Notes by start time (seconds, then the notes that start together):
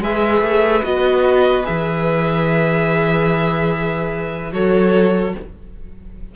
0.00 G#3 G#4 B4 E5
0.41 A3
0.83 B3 F#4 D#5
1.63 E3 G#4 E5
4.52 F#3 F#4 A4 C#5